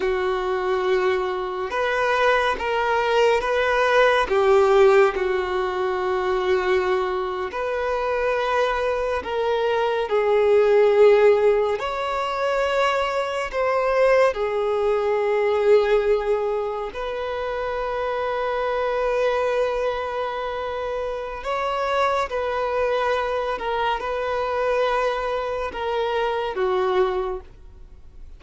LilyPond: \new Staff \with { instrumentName = "violin" } { \time 4/4 \tempo 4 = 70 fis'2 b'4 ais'4 | b'4 g'4 fis'2~ | fis'8. b'2 ais'4 gis'16~ | gis'4.~ gis'16 cis''2 c''16~ |
c''8. gis'2. b'16~ | b'1~ | b'4 cis''4 b'4. ais'8 | b'2 ais'4 fis'4 | }